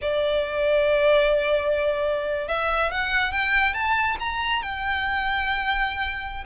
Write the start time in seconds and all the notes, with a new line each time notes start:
0.01 D5
2.48 E5
2.91 F#5
3.31 G5
3.74 A5
4.19 A#5
4.62 G5